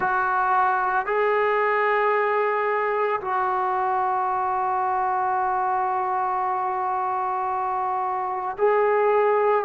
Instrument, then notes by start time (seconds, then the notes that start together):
trombone
0.00 F#4
1.06 G#4
3.20 F#4
8.58 G#4